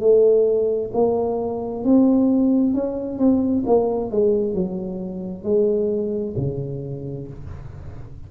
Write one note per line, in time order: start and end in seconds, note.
0.00 0.91 A3
0.93 1.84 A#3
1.84 2.74 C4
2.74 3.18 C#4
3.18 3.64 C4
3.66 4.10 A#3
4.10 4.54 G#3
4.54 5.43 F#3
5.43 6.34 G#3
6.37 7.28 C#3